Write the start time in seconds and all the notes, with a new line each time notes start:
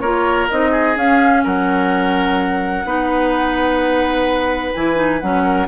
0.00 A#3 F4 A#4 C#5
0.50 C4 D#4 D#5
0.71 G#4
0.96 C#4 F5
1.44 F#3 A#4 F#5
2.84 B3 D#4 B4
4.74 E3 E4 G#5
4.95 D#4
5.20 F#3 C#4 F#5
5.43 A#4